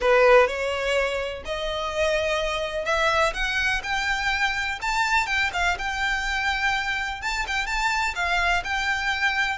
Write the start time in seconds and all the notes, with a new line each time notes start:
0.00 B4
0.47 C#5
1.45 D#5
2.85 E5
3.33 F#5
3.83 G5
4.81 A5
5.26 G5
5.53 F5
5.78 G5
7.21 A5
7.47 G5
7.66 A5
8.15 F5
8.64 G5